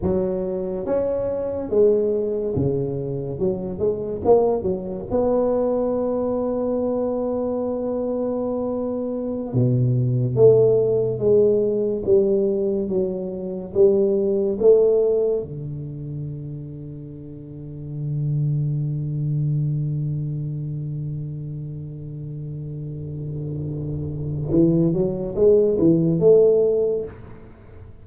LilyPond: \new Staff \with { instrumentName = "tuba" } { \time 4/4 \tempo 4 = 71 fis4 cis'4 gis4 cis4 | fis8 gis8 ais8 fis8 b2~ | b2.~ b16 b,8.~ | b,16 a4 gis4 g4 fis8.~ |
fis16 g4 a4 d4.~ d16~ | d1~ | d1~ | d4 e8 fis8 gis8 e8 a4 | }